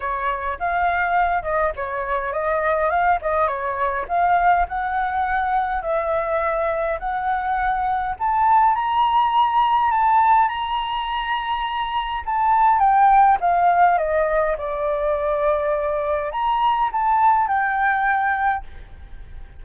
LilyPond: \new Staff \with { instrumentName = "flute" } { \time 4/4 \tempo 4 = 103 cis''4 f''4. dis''8 cis''4 | dis''4 f''8 dis''8 cis''4 f''4 | fis''2 e''2 | fis''2 a''4 ais''4~ |
ais''4 a''4 ais''2~ | ais''4 a''4 g''4 f''4 | dis''4 d''2. | ais''4 a''4 g''2 | }